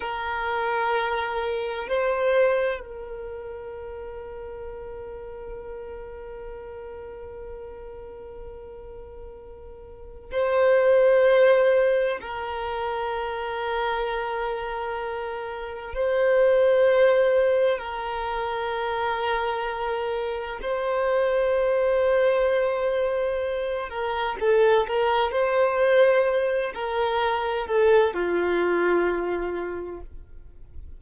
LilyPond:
\new Staff \with { instrumentName = "violin" } { \time 4/4 \tempo 4 = 64 ais'2 c''4 ais'4~ | ais'1~ | ais'2. c''4~ | c''4 ais'2.~ |
ais'4 c''2 ais'4~ | ais'2 c''2~ | c''4. ais'8 a'8 ais'8 c''4~ | c''8 ais'4 a'8 f'2 | }